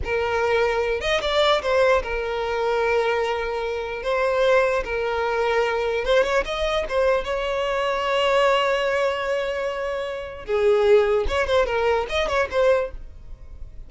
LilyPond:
\new Staff \with { instrumentName = "violin" } { \time 4/4 \tempo 4 = 149 ais'2~ ais'8 dis''8 d''4 | c''4 ais'2.~ | ais'2 c''2 | ais'2. c''8 cis''8 |
dis''4 c''4 cis''2~ | cis''1~ | cis''2 gis'2 | cis''8 c''8 ais'4 dis''8 cis''8 c''4 | }